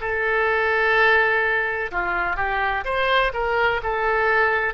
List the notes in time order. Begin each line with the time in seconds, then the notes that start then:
0.00 A4
1.91 F4
2.36 G4
2.84 C5
3.33 A#4
3.82 A4